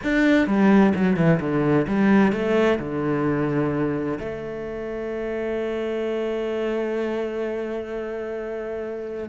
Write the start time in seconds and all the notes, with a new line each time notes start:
0.03 D4
0.46 G3
0.95 F#3
1.16 E3
1.40 D3
1.87 G3
2.32 A3
2.79 D3
4.19 A3